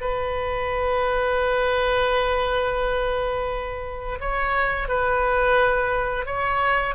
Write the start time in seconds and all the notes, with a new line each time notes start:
0.00 B4
4.20 C#5
4.88 B4
6.26 C#5